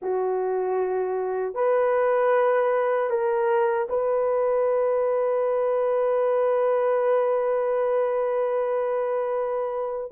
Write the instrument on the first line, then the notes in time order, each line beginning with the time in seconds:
horn
0.02 F#4
1.54 B4
3.10 A#4
3.89 B4